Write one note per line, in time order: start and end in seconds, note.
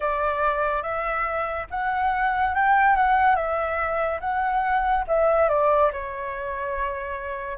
0.00 0.82 D5
0.82 1.66 E5
1.70 2.55 F#5
2.55 2.96 G5
2.96 3.35 F#5
3.35 4.19 E5
4.20 5.05 F#5
5.07 5.49 E5
5.49 5.91 D5
5.92 7.57 C#5